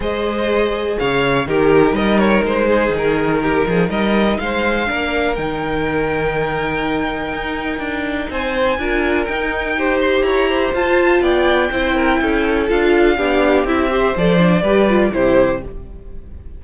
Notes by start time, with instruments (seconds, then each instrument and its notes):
0.00 cello G#3, viola G#4, violin C5 D#5
0.98 cello C#3, violin C#5 F5
1.46 cello D#3, viola D#4, violin G4 A#4
1.92 cello G3, violin A#4 D#5
2.18 violin C#5
2.43 cello G#3, violin C5
2.67 violin G#4
2.89 cello D#3
2.97 violin A#4
3.42 violin G4
3.66 cello F3, violin G#4
3.89 cello G3, violin A#4 D#5
4.38 cello G#3, violin C5 F5
4.86 cello A#3, viola D4, violin A#4
5.35 cello D#3, viola D#4, violin G5
7.32 cello D#4
7.79 cello D4
8.29 cello C4, violin C5 G#5
8.78 cello D4, viola F4, violin A#4
9.24 viola D#4, cello D#4, violin G5
9.78 viola G4, violin C5
10.01 violin C6
10.22 cello E4, violin C#5 A#5
10.49 violin C5
10.73 viola F4, cello F4, violin A5
11.20 cello B3, violin D5 G5
11.71 cello C4, viola E4, violin C5
11.95 violin A#4
12.21 cello C#4, violin A4
12.68 cello D4, viola F4, violin F5
13.16 cello B3, viola D4, violin G4
13.64 cello C4, viola E4, violin E5
13.89 viola G4, violin C5
14.16 cello F3, viola A4, violin D5
14.38 viola D4
14.61 cello G3, viola G4, violin B4
14.89 viola F4
15.12 cello C3, viola E4, violin G4 C5